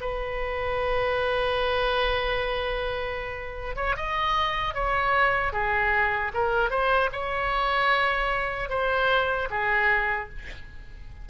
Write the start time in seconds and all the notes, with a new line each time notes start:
0.00 B4
3.76 C#5
3.96 D#5
4.74 C#5
5.52 G#4
6.33 A#4
6.70 C5
7.12 C#5
8.69 C5
9.50 G#4